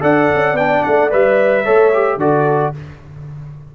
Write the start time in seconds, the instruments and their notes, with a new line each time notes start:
0.00 tuba D4, trombone A4, horn D5, trumpet F#5
0.34 tuba C#4
0.53 tuba B3, trombone D4, trumpet G5
0.83 tuba A3, trumpet F#5
1.10 tuba G3, trombone B4, trumpet E5
1.64 tuba A3, trombone A4, horn C#5
1.93 trombone G4
2.16 tuba D3, trombone F#4, horn A4, trumpet D5